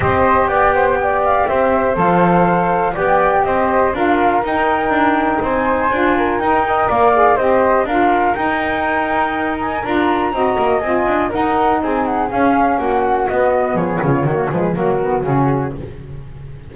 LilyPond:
<<
  \new Staff \with { instrumentName = "flute" } { \time 4/4 \tempo 4 = 122 dis''4 g''4. f''8 e''4 | f''2 g''4 dis''4 | f''4 g''2 gis''4~ | gis''4 g''4 f''4 dis''4 |
f''4 g''2~ g''8 gis''8 | ais''2 gis''4 fis''4 | gis''8 fis''8 f''4 fis''4 dis''4 | cis''4. b'8 ais'4 gis'4 | }
  \new Staff \with { instrumentName = "flute" } { \time 4/4 c''4 d''8 c''8 d''4 c''4~ | c''2 d''4 c''4 | ais'2. c''4~ | c''8 ais'4 dis''8 d''4 c''4 |
ais'1~ | ais'4 dis''2 ais'4 | gis'2 fis'2 | gis'8 f'8 fis'8 gis'8 fis'2 | }
  \new Staff \with { instrumentName = "saxophone" } { \time 4/4 g'1 | a'2 g'2 | f'4 dis'2. | f'4 dis'8 ais'4 gis'8 g'4 |
f'4 dis'2. | f'4 fis'4 f'4 dis'4~ | dis'4 cis'2 b4~ | b4 ais8 gis8 ais8 b8 cis'4 | }
  \new Staff \with { instrumentName = "double bass" } { \time 4/4 c'4 b2 c'4 | f2 b4 c'4 | d'4 dis'4 d'4 c'4 | d'4 dis'4 ais4 c'4 |
d'4 dis'2. | d'4 c'8 ais8 c'8 d'8 dis'4 | c'4 cis'4 ais4 b4 | f8 cis8 dis8 f8 fis4 cis4 | }
>>